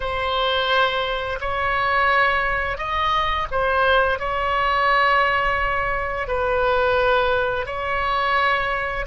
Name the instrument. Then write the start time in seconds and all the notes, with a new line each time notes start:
oboe
0.00 C5
1.40 C#5
2.77 D#5
3.51 C5
4.19 C#5
6.27 B4
7.66 C#5